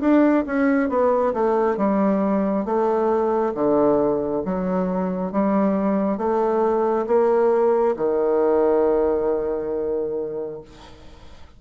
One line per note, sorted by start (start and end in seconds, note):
0.00 0.44 D4
0.46 0.89 C#4
0.89 1.33 B3
1.33 1.77 A3
1.77 2.65 G3
2.65 3.53 A3
3.54 4.42 D3
4.45 5.31 F#3
5.31 6.17 G3
6.17 7.05 A3
7.07 7.95 A#3
7.96 10.61 D#3